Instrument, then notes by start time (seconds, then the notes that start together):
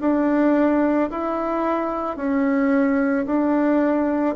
bassoon
0.00 D4
1.11 E4
2.16 C#4
3.26 D4